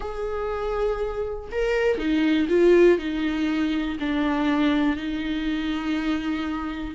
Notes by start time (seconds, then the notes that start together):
0.00 G#4
1.51 A#4
1.97 D#4
2.48 F4
2.98 D#4
3.99 D4
4.96 D#4